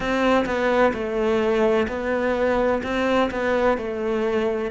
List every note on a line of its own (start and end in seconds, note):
0.00 0.45 C4
0.45 0.92 B3
0.93 1.87 A3
1.87 2.81 B3
2.83 3.30 C4
3.31 3.77 B3
3.77 4.71 A3